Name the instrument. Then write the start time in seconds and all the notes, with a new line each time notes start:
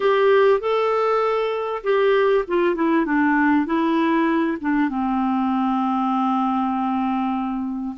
clarinet
0.00 G4
0.60 A4
1.83 G4
2.47 F4
2.75 E4
3.05 D4
3.66 E4
4.60 D4
4.89 C4